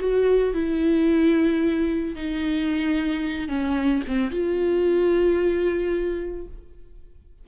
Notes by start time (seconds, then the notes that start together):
0.00 F#4
0.54 E4
2.16 D#4
3.49 C#4
4.08 C4
4.31 F4